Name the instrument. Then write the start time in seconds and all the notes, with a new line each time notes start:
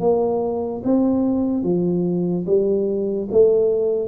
tuba
0.00 A#3
0.84 C4
1.63 F3
2.46 G3
3.31 A3